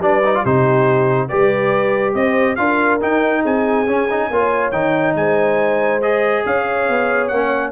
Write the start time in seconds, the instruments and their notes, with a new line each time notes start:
0.00 tuba G3, trombone D4, horn B4, trumpet D5
0.25 trombone D#4
0.36 trombone F4
0.43 tuba C3, trombone D#4, horn G4, trumpet C5
1.29 tuba G3, trombone G4, horn B4, trumpet D5
2.15 tuba C4, horn C5, trumpet D#5
2.56 tuba D4, trombone F4, horn A#4, trumpet F5
3.01 trombone D#4, tuba D#4, trumpet G5
3.42 tuba C4, horn G#4, trumpet G#5
3.87 tuba C#4, trombone C#4
4.11 trombone D#4
4.30 tuba A#3, trombone F4, horn C#5
4.72 tuba D#3, trombone D#4, trumpet G5
5.15 tuba G#3, horn C5, trumpet G#5
6.02 trombone G#4, trumpet D#5
6.46 tuba C#4, horn C#5, trumpet F5
6.89 tuba B3
7.28 tuba A#3, trombone C#4, trumpet F#5